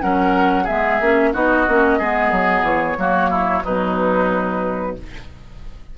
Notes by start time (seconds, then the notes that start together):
0.00 F#3 C#4 A#4 F#5
0.63 G#3 B3 G#4 E5
1.01 A#3 C#4
1.33 B3 D#4 F#4 D#5
1.67 A#3 C#4
1.98 G#3 B3 G#4
2.31 F#3
2.62 E3 C#5
2.97 F#3 A#3 F#4
3.30 E4
3.64 B2 F#3 D#4 B4